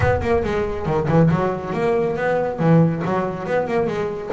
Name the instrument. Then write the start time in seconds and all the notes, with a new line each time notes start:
double bass
0.00 B3
0.21 A#3
0.43 G#3
0.85 D#3
1.08 E3
1.30 F#3
1.73 A#3
2.16 B3
2.59 E3
3.04 F#3
3.46 B3
3.67 A#3
3.87 G#3